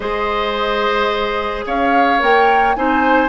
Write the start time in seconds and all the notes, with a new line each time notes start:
0.00 G#3 G#4 C5 D#5
1.66 C#4 C#5 F5
2.19 A#3 A#4 G5
2.75 C4 D#4 C5 G#5